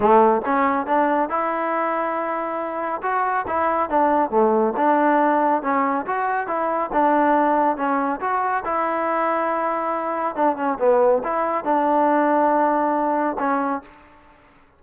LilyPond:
\new Staff \with { instrumentName = "trombone" } { \time 4/4 \tempo 4 = 139 a4 cis'4 d'4 e'4~ | e'2. fis'4 | e'4 d'4 a4 d'4~ | d'4 cis'4 fis'4 e'4 |
d'2 cis'4 fis'4 | e'1 | d'8 cis'8 b4 e'4 d'4~ | d'2. cis'4 | }